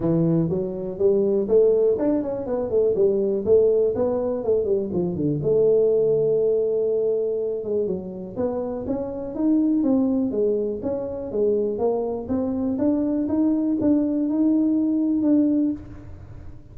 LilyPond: \new Staff \with { instrumentName = "tuba" } { \time 4/4 \tempo 4 = 122 e4 fis4 g4 a4 | d'8 cis'8 b8 a8 g4 a4 | b4 a8 g8 f8 d8 a4~ | a2.~ a8 gis8 |
fis4 b4 cis'4 dis'4 | c'4 gis4 cis'4 gis4 | ais4 c'4 d'4 dis'4 | d'4 dis'2 d'4 | }